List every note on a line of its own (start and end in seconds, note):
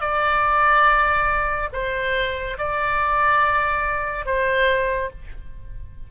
0.00 1.69 D5
1.73 2.57 C5
2.58 4.26 D5
4.26 5.10 C5